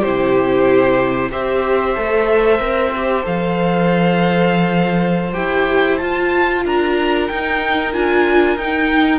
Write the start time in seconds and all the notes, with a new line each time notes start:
0.00 C3 E4 G4 C5
1.31 C4 G4 C5 E5
1.96 A3 A4
2.59 C4 A#4
2.96 G4
3.23 F3 A4 F5
5.33 E4 G4 G5
5.98 F4 A5
6.65 D4 A#4 A#5
7.28 D#4 G5
7.93 D4 F4 G#5
8.56 D#4 G5